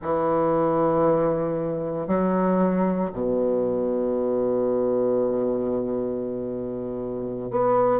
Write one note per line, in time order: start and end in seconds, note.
0.01 2.07 E3
2.07 3.10 F#3
3.13 7.50 B2
7.50 8.00 B3